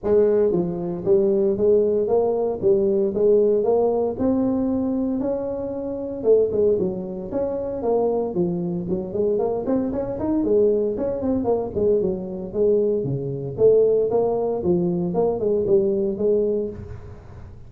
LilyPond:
\new Staff \with { instrumentName = "tuba" } { \time 4/4 \tempo 4 = 115 gis4 f4 g4 gis4 | ais4 g4 gis4 ais4 | c'2 cis'2 | a8 gis8 fis4 cis'4 ais4 |
f4 fis8 gis8 ais8 c'8 cis'8 dis'8 | gis4 cis'8 c'8 ais8 gis8 fis4 | gis4 cis4 a4 ais4 | f4 ais8 gis8 g4 gis4 | }